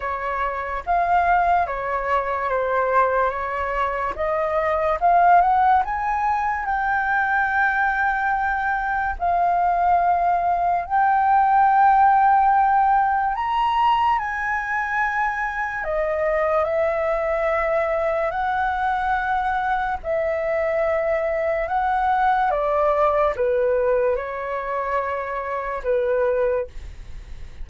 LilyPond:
\new Staff \with { instrumentName = "flute" } { \time 4/4 \tempo 4 = 72 cis''4 f''4 cis''4 c''4 | cis''4 dis''4 f''8 fis''8 gis''4 | g''2. f''4~ | f''4 g''2. |
ais''4 gis''2 dis''4 | e''2 fis''2 | e''2 fis''4 d''4 | b'4 cis''2 b'4 | }